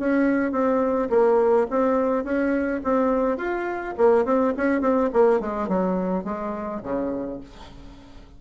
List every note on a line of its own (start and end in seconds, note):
0.00 0.52 C#4
0.52 1.10 C4
1.10 1.68 A#3
1.71 2.25 C4
2.25 2.82 C#4
2.84 3.38 C4
3.38 3.95 F4
3.98 4.25 A#3
4.25 4.54 C4
4.57 4.82 C#4
4.82 5.10 C4
5.14 5.41 A#3
5.41 5.69 G#3
5.69 6.25 F#3
6.25 6.82 G#3
6.83 7.41 C#3